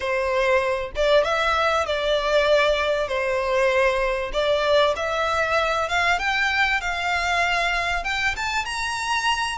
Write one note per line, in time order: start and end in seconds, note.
0.00 0.91 C5
0.95 1.24 D5
1.24 1.86 E5
1.86 3.08 D5
3.08 4.31 C5
4.32 4.94 D5
4.96 5.88 E5
5.88 6.19 F5
6.19 6.80 G5
6.80 8.04 F5
8.04 8.35 G5
8.36 8.65 A5
8.65 9.58 A#5